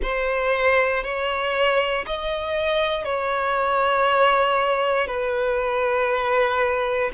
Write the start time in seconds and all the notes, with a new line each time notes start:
0.02 C5
1.03 C#5
2.06 D#5
3.04 C#5
5.07 B4